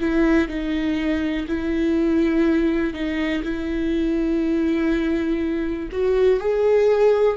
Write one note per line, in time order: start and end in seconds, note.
0.00 0.48 E4
0.48 1.47 D#4
1.48 2.94 E4
2.94 3.43 D#4
3.43 5.89 E4
5.92 6.40 F#4
6.40 7.37 G#4